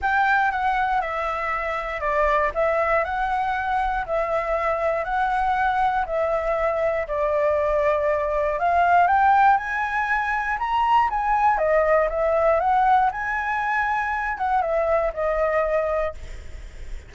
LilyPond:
\new Staff \with { instrumentName = "flute" } { \time 4/4 \tempo 4 = 119 g''4 fis''4 e''2 | d''4 e''4 fis''2 | e''2 fis''2 | e''2 d''2~ |
d''4 f''4 g''4 gis''4~ | gis''4 ais''4 gis''4 dis''4 | e''4 fis''4 gis''2~ | gis''8 fis''8 e''4 dis''2 | }